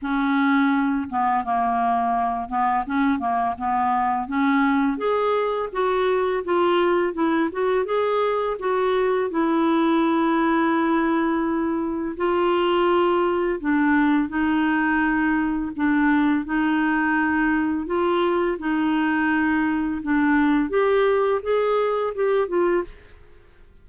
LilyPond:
\new Staff \with { instrumentName = "clarinet" } { \time 4/4 \tempo 4 = 84 cis'4. b8 ais4. b8 | cis'8 ais8 b4 cis'4 gis'4 | fis'4 f'4 e'8 fis'8 gis'4 | fis'4 e'2.~ |
e'4 f'2 d'4 | dis'2 d'4 dis'4~ | dis'4 f'4 dis'2 | d'4 g'4 gis'4 g'8 f'8 | }